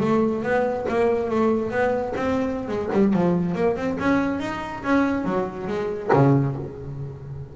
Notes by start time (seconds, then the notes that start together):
0.00 A3
0.43 B3
0.89 A#3
1.30 A3
1.71 B3
2.16 C4
2.68 G#3
2.92 G3
3.13 F3
3.55 A#3
3.76 C4
4.00 C#4
4.40 D#4
4.83 C#4
5.25 F#3
5.67 G#3
6.13 C#3